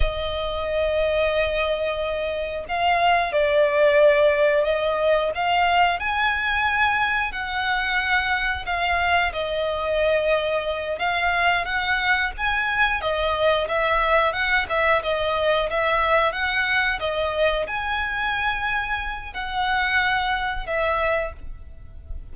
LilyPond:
\new Staff \with { instrumentName = "violin" } { \time 4/4 \tempo 4 = 90 dis''1 | f''4 d''2 dis''4 | f''4 gis''2 fis''4~ | fis''4 f''4 dis''2~ |
dis''8 f''4 fis''4 gis''4 dis''8~ | dis''8 e''4 fis''8 e''8 dis''4 e''8~ | e''8 fis''4 dis''4 gis''4.~ | gis''4 fis''2 e''4 | }